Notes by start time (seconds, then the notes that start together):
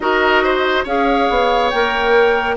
0.00 D#4 F#4 A#4 D#5
0.43 C5
0.84 C#4 G#4 C#5 F5
1.29 B3
1.69 A#3 A#4 G5